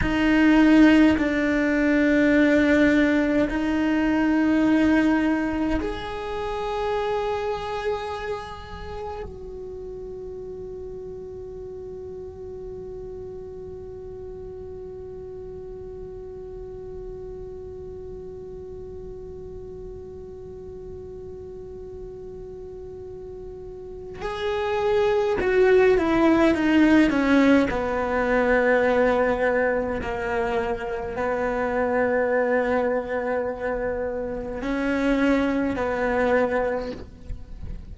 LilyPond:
\new Staff \with { instrumentName = "cello" } { \time 4/4 \tempo 4 = 52 dis'4 d'2 dis'4~ | dis'4 gis'2. | fis'1~ | fis'1~ |
fis'1~ | fis'4 gis'4 fis'8 e'8 dis'8 cis'8 | b2 ais4 b4~ | b2 cis'4 b4 | }